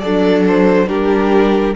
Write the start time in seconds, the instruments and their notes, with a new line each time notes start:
0.00 cello F#3, violin D4 D5, viola A4
0.48 violin C5
0.87 cello G3, viola D4, violin G4 A#4